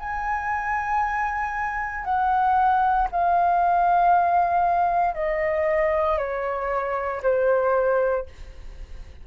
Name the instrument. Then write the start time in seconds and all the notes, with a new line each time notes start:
flute
0.00 G#5
2.05 F#5
3.12 F5
5.15 D#5
6.18 C#5
7.23 C5